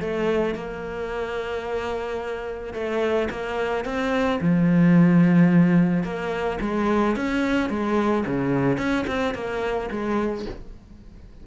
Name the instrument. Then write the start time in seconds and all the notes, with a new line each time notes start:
cello
0.00 A3
0.55 A#3
2.73 A3
3.30 A#3
3.85 C4
4.40 F3
6.04 A#3
6.61 G#3
7.16 C#4
7.69 G#3
8.26 C#3
8.77 C#4
9.07 C4
9.34 A#3
9.91 G#3